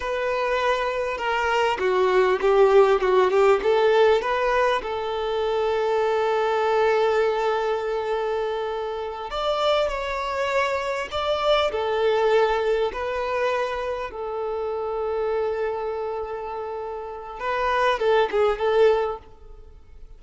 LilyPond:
\new Staff \with { instrumentName = "violin" } { \time 4/4 \tempo 4 = 100 b'2 ais'4 fis'4 | g'4 fis'8 g'8 a'4 b'4 | a'1~ | a'2.~ a'8 d''8~ |
d''8 cis''2 d''4 a'8~ | a'4. b'2 a'8~ | a'1~ | a'4 b'4 a'8 gis'8 a'4 | }